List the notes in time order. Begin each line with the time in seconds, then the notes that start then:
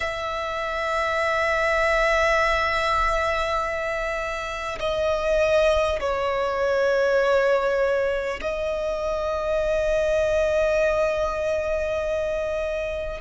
0.00 E5
4.79 D#5
6.00 C#5
8.41 D#5